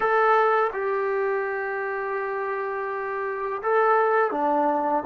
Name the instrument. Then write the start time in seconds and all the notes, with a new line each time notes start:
trombone
0.00 A4
0.73 G4
3.62 A4
4.31 D4